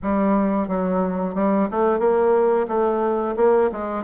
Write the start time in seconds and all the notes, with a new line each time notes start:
0.02 G3
0.68 F#3
1.35 G3
1.70 A3
1.99 A#3
2.68 A3
3.36 A#3
3.72 G#3